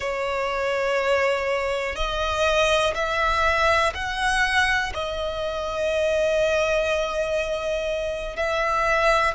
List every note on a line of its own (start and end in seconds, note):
0.00 1.95 C#5
1.95 2.94 D#5
2.95 3.93 E5
3.94 4.92 F#5
4.94 8.36 D#5
8.36 9.34 E5